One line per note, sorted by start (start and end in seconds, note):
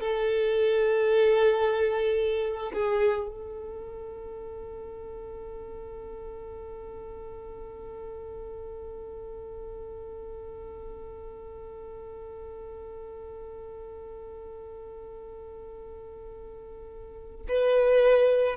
0.00 2.73 A4
2.73 3.28 G#4
3.28 17.46 A4
17.48 18.57 B4